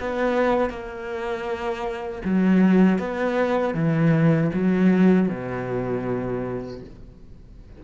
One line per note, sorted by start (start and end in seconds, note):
0.00 0.70 B3
0.70 2.22 A#3
2.25 2.99 F#3
2.99 3.75 B3
3.75 4.51 E3
4.54 5.29 F#3
5.29 6.81 B2